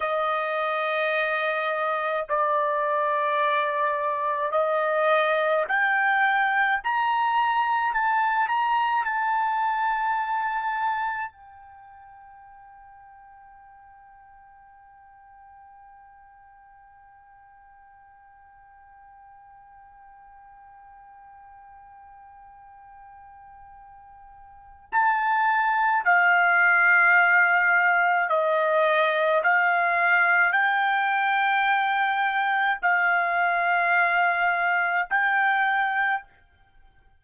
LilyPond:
\new Staff \with { instrumentName = "trumpet" } { \time 4/4 \tempo 4 = 53 dis''2 d''2 | dis''4 g''4 ais''4 a''8 ais''8 | a''2 g''2~ | g''1~ |
g''1~ | g''2 a''4 f''4~ | f''4 dis''4 f''4 g''4~ | g''4 f''2 g''4 | }